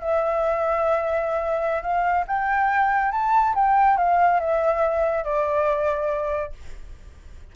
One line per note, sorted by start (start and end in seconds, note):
0.00 1.82 E5
1.82 2.25 F5
2.27 3.11 G5
3.11 3.54 A5
3.54 3.97 G5
3.97 4.40 F5
4.40 5.24 E5
5.24 6.52 D5